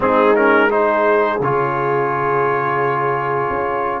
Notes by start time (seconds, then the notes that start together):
0.00 G#3 C4 D#4 G#4
0.35 C#4 A#4
0.69 D#4 G#4 C5
1.40 C#3 F4 C#5
3.49 C#4